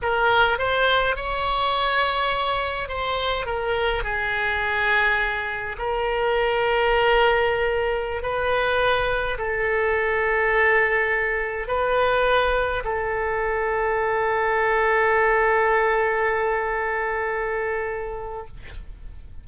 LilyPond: \new Staff \with { instrumentName = "oboe" } { \time 4/4 \tempo 4 = 104 ais'4 c''4 cis''2~ | cis''4 c''4 ais'4 gis'4~ | gis'2 ais'2~ | ais'2~ ais'16 b'4.~ b'16~ |
b'16 a'2.~ a'8.~ | a'16 b'2 a'4.~ a'16~ | a'1~ | a'1 | }